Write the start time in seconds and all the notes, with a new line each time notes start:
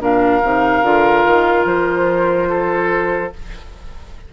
0.00 A#2 D4 A#4 F5
0.43 C3 D#4
0.82 D3 F4
1.26 D#3
1.65 F3 C5
2.49 A4